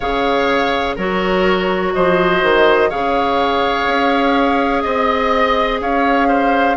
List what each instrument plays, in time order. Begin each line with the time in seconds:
0.00 bassoon C#3, clarinet G#4, oboe C#5, flute F5
0.96 bassoon F#3, clarinet F#4, oboe A#4, flute C#5
1.93 bassoon F3, oboe C5, flute D#5
2.42 bassoon D#3
2.89 bassoon C#3, clarinet G#4, oboe C#5, flute F5
3.86 bassoon C#4
4.81 bassoon C4, flute D#5, oboe D#5
5.80 bassoon C#4, oboe C#5, flute F5
6.27 oboe C5